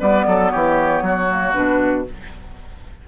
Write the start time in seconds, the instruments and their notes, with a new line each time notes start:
0.00 bassoon G3, clarinet B3, oboe B4, flute D5
0.27 bassoon F#3, oboe A4
0.51 bassoon E3, oboe G4, flute C#5
1.02 bassoon F#3, oboe F#4
1.29 clarinet A#3
1.53 bassoon B2, clarinet D4, flute B4